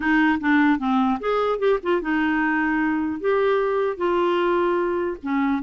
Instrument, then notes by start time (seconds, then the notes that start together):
clarinet
0.00 D#4
0.40 D4
0.79 C4
1.19 G#4
1.58 G4
1.83 F4
2.01 D#4
3.20 G4
3.97 F4
5.23 C#4